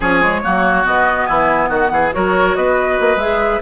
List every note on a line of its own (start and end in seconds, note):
0.00 0.41 F3
0.00 0.22 C#4
0.00 0.41 G#4
0.00 0.86 C#5
0.22 0.43 G#3
0.43 0.85 F#3
0.43 0.83 A#3
0.43 1.27 F#4
0.83 1.28 B2
0.83 2.11 B3
0.83 1.26 D#5
1.26 1.69 E3
1.26 1.69 E4
1.26 1.69 G#5
1.69 1.90 D#3
1.69 1.90 F#4
1.69 2.12 F#5
1.91 2.12 E3
1.91 2.14 G#4
2.12 2.56 F#3
2.12 3.18 F#4
2.12 2.57 A#4
2.12 2.55 C#5
2.55 2.99 B3
2.55 3.62 B4
2.55 3.18 D#5
3.00 3.16 A#3
3.16 3.58 G#3
3.16 3.61 G#4
3.16 3.61 E5